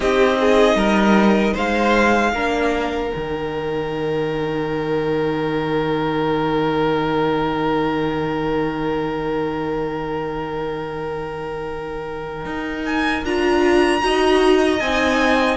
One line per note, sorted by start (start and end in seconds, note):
0.00 0.75 C4
0.00 2.33 D#4
0.00 0.37 G4
0.00 1.56 D#5
0.40 0.77 G#4
0.75 1.53 G3
0.75 1.53 A#4
1.53 2.33 G#3
1.53 2.31 C5
1.53 3.11 F5
2.33 3.11 A#3
2.33 3.11 D4
2.33 14.03 A#4
3.11 12.45 D#3
3.11 13.24 D#4
3.11 12.85 G5
12.45 13.23 D#4
12.85 13.24 G#5
13.23 14.01 D4
13.23 14.01 F4
13.23 14.79 A#5
14.01 14.80 D#4
14.01 14.79 F#4
14.01 15.56 D#5
14.79 15.56 C4
14.79 15.56 D#4
14.79 15.56 G#5